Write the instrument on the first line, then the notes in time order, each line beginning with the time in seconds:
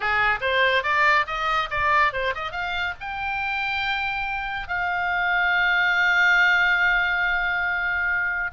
oboe
0.00 G#4
0.40 C5
0.83 D5
1.27 D#5
1.70 D5
2.12 C5
2.34 D#5
2.51 F5
3.00 G5
4.68 F5